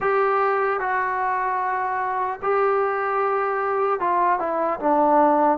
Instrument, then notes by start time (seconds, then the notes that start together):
trombone
0.00 G4
0.80 F#4
2.42 G4
4.00 F4
4.39 E4
4.79 D4